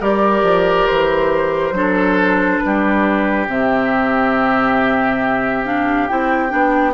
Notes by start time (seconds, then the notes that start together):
0.00 G3 G4 A#4 D5
0.43 F3
0.87 E3 C5
1.71 F#3 D4 A4
2.59 B4
2.65 G3 G4
3.47 C3 C4 E5
5.65 D4 F5
6.07 C4 E4 G5
6.49 B3 D4